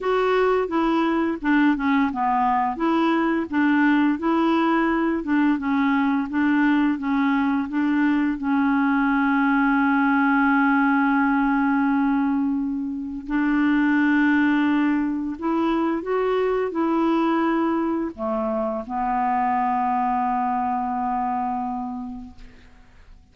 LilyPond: \new Staff \with { instrumentName = "clarinet" } { \time 4/4 \tempo 4 = 86 fis'4 e'4 d'8 cis'8 b4 | e'4 d'4 e'4. d'8 | cis'4 d'4 cis'4 d'4 | cis'1~ |
cis'2. d'4~ | d'2 e'4 fis'4 | e'2 a4 b4~ | b1 | }